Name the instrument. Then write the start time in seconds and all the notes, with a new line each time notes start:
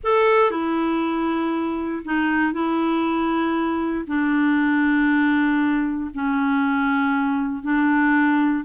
clarinet
0.03 A4
0.50 E4
2.04 D#4
2.52 E4
4.07 D4
6.14 C#4
7.62 D4